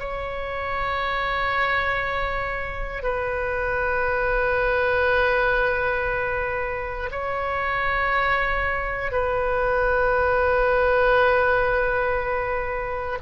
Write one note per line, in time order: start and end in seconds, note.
0.00 3.03 C#5
3.03 7.10 B4
7.11 9.12 C#5
9.12 13.18 B4